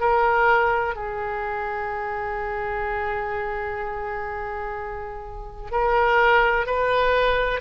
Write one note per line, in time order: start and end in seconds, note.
0.00 0.95 A#4
0.95 5.71 G#4
5.71 6.66 A#4
6.66 7.60 B4